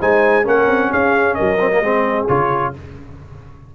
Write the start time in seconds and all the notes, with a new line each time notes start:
0.00 G#3 D#4 C5 G#5
0.44 A#3 C#4 A#4 F#5
0.68 C4
0.92 C#4 G#4 F5
1.35 F#3 A#4 D#5
1.60 C4
1.72 A#3
1.81 G#3 C4 G#4
2.29 C#3 F4 C#5